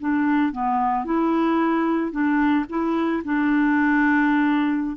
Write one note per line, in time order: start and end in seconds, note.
0.00 0.52 D4
0.52 1.05 B3
1.05 2.12 E4
2.12 2.65 D4
2.69 3.23 E4
3.24 4.96 D4